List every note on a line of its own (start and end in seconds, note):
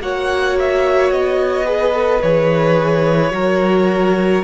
0.00 1.11 A#3
0.00 1.66 F#4
0.00 1.66 C#5
0.00 0.58 F#5
0.59 1.12 E5
1.11 2.22 B3
1.11 2.22 D#5
1.66 1.93 G#4
1.66 3.33 B4
1.93 2.20 A4
2.22 3.32 E3
2.22 3.31 G#4
2.22 4.44 C#5
3.31 4.44 F#3
3.31 4.42 F#4
3.31 4.44 A#4